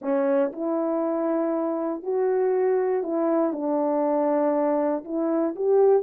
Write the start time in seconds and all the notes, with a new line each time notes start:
0.01 C#4
0.52 E4
2.02 F#4
3.03 E4
3.52 D4
5.04 E4
5.55 G4